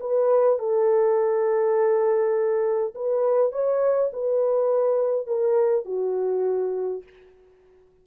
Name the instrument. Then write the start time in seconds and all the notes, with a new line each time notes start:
horn
0.00 B4
0.59 A4
2.95 B4
3.52 C#5
4.13 B4
5.27 A#4
5.86 F#4